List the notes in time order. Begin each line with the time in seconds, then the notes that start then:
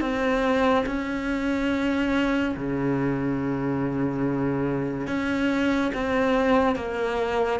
0.00 C4
0.86 C#4
2.56 C#3
5.07 C#4
5.93 C4
6.75 A#3